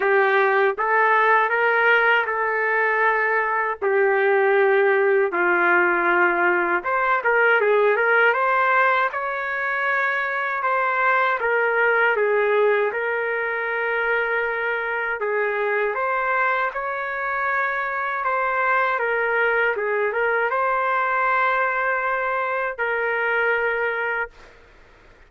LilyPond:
\new Staff \with { instrumentName = "trumpet" } { \time 4/4 \tempo 4 = 79 g'4 a'4 ais'4 a'4~ | a'4 g'2 f'4~ | f'4 c''8 ais'8 gis'8 ais'8 c''4 | cis''2 c''4 ais'4 |
gis'4 ais'2. | gis'4 c''4 cis''2 | c''4 ais'4 gis'8 ais'8 c''4~ | c''2 ais'2 | }